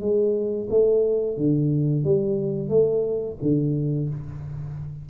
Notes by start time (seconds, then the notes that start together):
0.00 G#3
0.69 A3
1.37 D3
2.04 G3
2.68 A3
3.42 D3